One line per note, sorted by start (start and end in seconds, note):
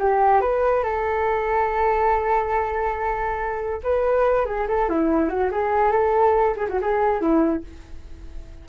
0.00 0.42 G4
0.42 0.84 B4
0.84 3.82 A4
3.84 4.46 B4
4.46 4.67 G#4
4.68 4.89 A4
4.89 5.29 E4
5.29 5.51 F#4
5.52 5.92 G#4
5.92 6.56 A4
6.57 6.68 G#4
6.70 6.80 F#4
6.82 7.22 G#4
7.22 7.64 E4